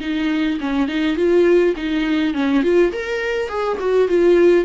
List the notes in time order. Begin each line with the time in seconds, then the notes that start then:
0.00 D#4
0.60 C#4
0.87 D#4
1.16 F4
1.76 D#4
2.34 C#4
2.62 F4
2.92 A#4
3.48 G#4
3.79 F#4
4.08 F4